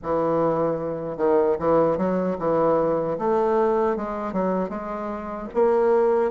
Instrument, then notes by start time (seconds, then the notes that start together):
bassoon
0.02 E3
1.17 D#3
1.59 E3
1.97 F#3
2.38 E3
3.18 A3
3.96 G#3
4.32 F#3
4.69 G#3
5.54 A#3